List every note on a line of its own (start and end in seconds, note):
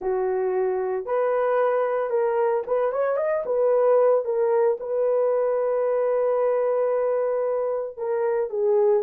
0.01 1.05 F#4
1.05 2.09 B4
2.09 2.63 A#4
2.66 2.92 B4
2.92 3.17 C#5
3.17 3.43 D#5
3.45 4.24 B4
4.24 4.77 A#4
4.79 7.97 B4
7.97 8.50 A#4
8.50 9.03 G#4